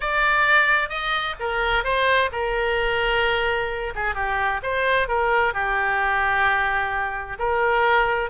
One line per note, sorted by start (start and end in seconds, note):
0.00 0.89 D5
0.89 1.35 D#5
1.39 1.83 A#4
1.83 2.30 C5
2.32 3.93 A#4
3.95 4.14 G#4
4.14 4.60 G4
4.63 5.08 C5
5.08 5.53 A#4
5.53 7.38 G4
7.38 8.30 A#4